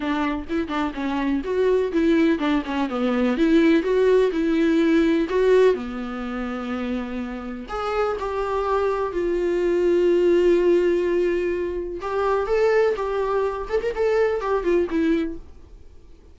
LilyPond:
\new Staff \with { instrumentName = "viola" } { \time 4/4 \tempo 4 = 125 d'4 e'8 d'8 cis'4 fis'4 | e'4 d'8 cis'8 b4 e'4 | fis'4 e'2 fis'4 | b1 |
gis'4 g'2 f'4~ | f'1~ | f'4 g'4 a'4 g'4~ | g'8 a'16 ais'16 a'4 g'8 f'8 e'4 | }